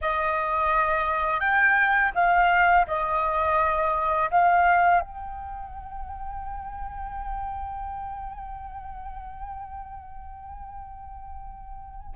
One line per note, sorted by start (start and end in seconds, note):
0.01 1.40 D#5
1.40 2.11 G5
2.14 2.86 F5
2.87 4.30 D#5
4.30 5.00 F5
5.00 12.14 G5